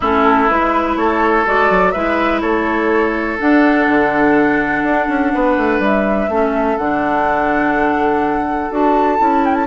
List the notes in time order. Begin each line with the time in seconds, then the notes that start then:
0.00 A3 C#4 E4 A4
0.49 G#3 E4 B4
0.96 A3 A4 C#5
1.45 G#3 F#4 D5
1.70 F#3
1.91 G#3 E4 B4 E5
2.40 A3 A4 C#5
3.38 D4 F#5
3.87 D3
4.83 D4
5.08 C#4
5.33 B3 B4
5.57 A3
5.79 G3 E5
6.28 A3 C#4 A4
6.77 D3 D4 F#5
8.70 D4 F#4 A5
9.18 C#4 E4
9.45 G5
9.54 A5